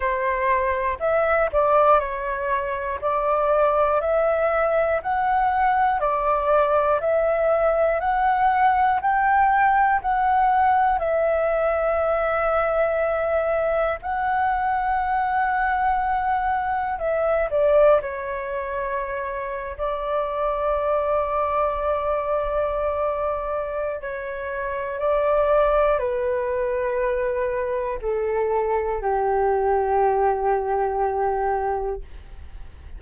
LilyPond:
\new Staff \with { instrumentName = "flute" } { \time 4/4 \tempo 4 = 60 c''4 e''8 d''8 cis''4 d''4 | e''4 fis''4 d''4 e''4 | fis''4 g''4 fis''4 e''4~ | e''2 fis''2~ |
fis''4 e''8 d''8 cis''4.~ cis''16 d''16~ | d''1 | cis''4 d''4 b'2 | a'4 g'2. | }